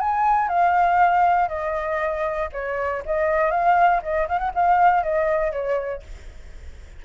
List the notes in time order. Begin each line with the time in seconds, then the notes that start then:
0.00 G#5
0.48 F5
1.49 D#5
2.52 C#5
3.05 D#5
3.51 F5
4.03 D#5
4.29 F5
4.38 F#5
4.54 F5
5.03 D#5
5.52 C#5